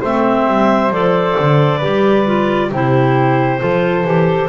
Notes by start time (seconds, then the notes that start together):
0.00 A3 C4 C5 E5
0.47 G3
0.90 F3 A4 D5
1.39 D3
1.77 G4 B4
1.85 G3
2.26 F4
2.70 C3 E4 G4 C5
3.59 F3 F4 A4
4.04 E3 G4